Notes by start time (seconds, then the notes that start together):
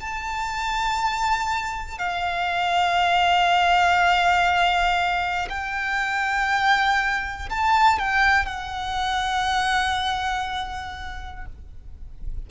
0.00 A5
1.98 F5
5.49 G5
7.50 A5
7.99 G5
8.45 F#5